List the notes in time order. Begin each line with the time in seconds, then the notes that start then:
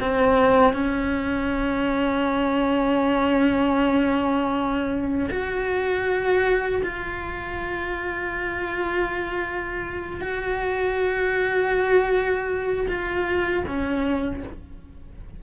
0.00 C4
0.73 C#4
5.30 F#4
6.83 F4
10.21 F#4
12.88 F4
13.67 C#4